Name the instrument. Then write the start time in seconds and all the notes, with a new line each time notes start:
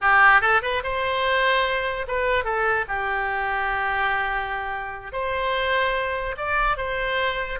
oboe
0.01 G4
0.41 A4
0.62 B4
0.83 C5
2.07 B4
2.44 A4
2.88 G4
5.12 C5
6.37 D5
6.77 C5